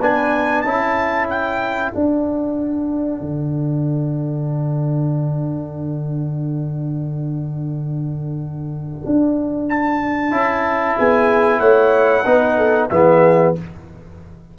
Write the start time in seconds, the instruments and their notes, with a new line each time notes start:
0.00 tuba B3, trombone D4, horn B4, trumpet G#5
0.62 tuba C#4, trombone E4, horn A4, trumpet A5
1.30 trumpet G5
1.92 trombone D4, tuba D4, trumpet F#5
3.21 tuba D3
9.06 tuba D4
9.70 trumpet A5
10.31 tuba C#4, trombone E4
10.98 tuba B3, horn G#4, trumpet G#5
11.60 tuba A3, horn C#5, trumpet F#5
12.26 tuba B3, trombone D#4, horn B4
12.57 horn A4
12.90 tuba E3, trombone B3, horn G#4, trumpet E5